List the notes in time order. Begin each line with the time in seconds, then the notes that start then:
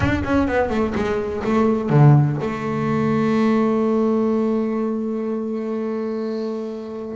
0.00 D4
0.24 C#4
0.47 B3
0.69 A3
0.95 G#3
1.44 A3
1.89 D3
2.41 A3